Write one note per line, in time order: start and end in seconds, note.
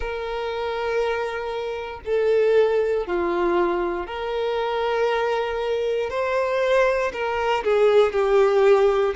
0.00 2.00 A#4
2.05 3.06 A4
3.06 4.07 F4
4.07 6.10 A#4
6.10 7.11 C5
7.12 7.63 A#4
7.64 8.12 G#4
8.12 9.13 G4